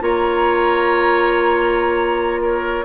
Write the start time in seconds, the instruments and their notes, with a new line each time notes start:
0.00 bassoon A#3, clarinet F4, oboe C#5, flute A#5
2.41 oboe A#4, flute C#5